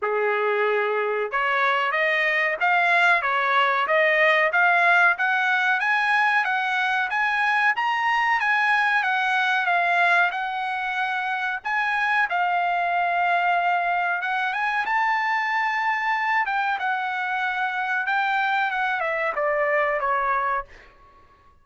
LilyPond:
\new Staff \with { instrumentName = "trumpet" } { \time 4/4 \tempo 4 = 93 gis'2 cis''4 dis''4 | f''4 cis''4 dis''4 f''4 | fis''4 gis''4 fis''4 gis''4 | ais''4 gis''4 fis''4 f''4 |
fis''2 gis''4 f''4~ | f''2 fis''8 gis''8 a''4~ | a''4. g''8 fis''2 | g''4 fis''8 e''8 d''4 cis''4 | }